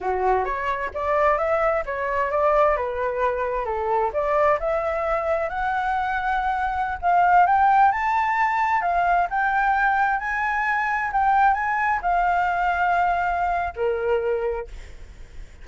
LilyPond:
\new Staff \with { instrumentName = "flute" } { \time 4/4 \tempo 4 = 131 fis'4 cis''4 d''4 e''4 | cis''4 d''4 b'2 | a'4 d''4 e''2 | fis''2.~ fis''16 f''8.~ |
f''16 g''4 a''2 f''8.~ | f''16 g''2 gis''4.~ gis''16~ | gis''16 g''4 gis''4 f''4.~ f''16~ | f''2 ais'2 | }